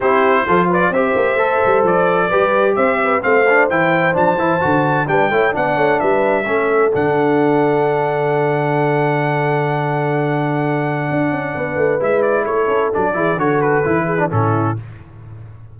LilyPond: <<
  \new Staff \with { instrumentName = "trumpet" } { \time 4/4 \tempo 4 = 130 c''4. d''8 e''2 | d''2 e''4 f''4 | g''4 a''2 g''4 | fis''4 e''2 fis''4~ |
fis''1~ | fis''1~ | fis''2 e''8 d''8 cis''4 | d''4 cis''8 b'4. a'4 | }
  \new Staff \with { instrumentName = "horn" } { \time 4/4 g'4 a'8 b'8 c''2~ | c''4 b'4 c''8 b'8 c''4~ | c''2. b'8 cis''8 | d''8 cis''8 b'4 a'2~ |
a'1~ | a'1~ | a'4 b'2 a'4~ | a'8 gis'8 a'4. gis'8 e'4 | }
  \new Staff \with { instrumentName = "trombone" } { \time 4/4 e'4 f'4 g'4 a'4~ | a'4 g'2 c'8 d'8 | e'4 d'8 e'8 fis'4 d'8 e'8 | d'2 cis'4 d'4~ |
d'1~ | d'1~ | d'2 e'2 | d'8 e'8 fis'4 e'8. d'16 cis'4 | }
  \new Staff \with { instrumentName = "tuba" } { \time 4/4 c'4 f4 c'8 ais8 a8 g8 | f4 g4 c'4 a4 | e4 f8 e8 d4 g8 a8 | b8 a8 g4 a4 d4~ |
d1~ | d1 | d'8 cis'8 b8 a8 gis4 a8 cis'8 | fis8 e8 d4 e4 a,4 | }
>>